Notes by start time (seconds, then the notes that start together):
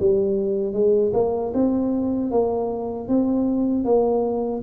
0.00 G3
0.73 G#3
1.14 A#3
1.54 C4
2.31 A#3
3.09 C4
3.85 A#3